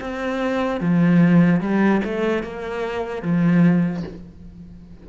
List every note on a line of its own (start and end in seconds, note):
0.00 0.80 C4
0.80 1.60 F3
1.60 2.01 G3
2.04 2.43 A3
2.43 3.22 A#3
3.22 4.03 F3